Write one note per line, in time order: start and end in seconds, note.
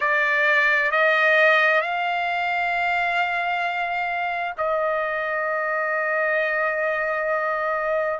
0.00 0.91 D5
0.91 1.81 D#5
1.81 4.53 F5
4.57 8.19 D#5